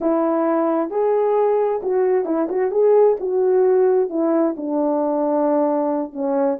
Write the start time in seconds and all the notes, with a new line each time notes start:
0.00 E4
0.90 G#4
1.82 F#4
2.25 E4
2.49 F#4
2.71 G#4
3.20 F#4
4.09 E4
4.57 D4
6.12 C#4